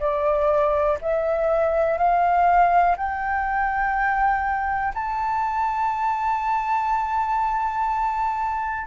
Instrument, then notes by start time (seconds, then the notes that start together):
flute
0.00 D5
1.01 E5
1.98 F5
2.97 G5
4.94 A5